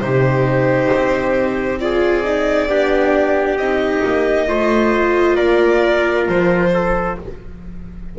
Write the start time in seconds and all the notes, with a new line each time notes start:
0.00 C3 D#4 G4 C5
0.93 C4
1.80 F4 G#4 D5
2.24 D#4
2.68 B3 D4 G4
3.57 C4 D#4 D#5
4.05 A#3
4.48 A3 F4 C5
5.36 A#3 A#4 D5
6.29 F3 C5
6.74 A4